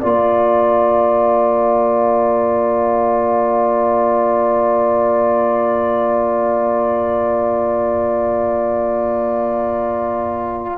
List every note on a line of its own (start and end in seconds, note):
0.00 10.78 A#3
0.00 10.78 F4
0.00 10.78 D5
0.00 10.78 A#5